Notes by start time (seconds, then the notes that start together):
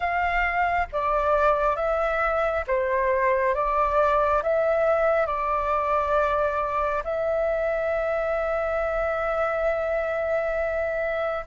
0.00 F5
0.92 D5
1.76 E5
2.67 C5
3.54 D5
4.42 E5
5.26 D5
7.03 E5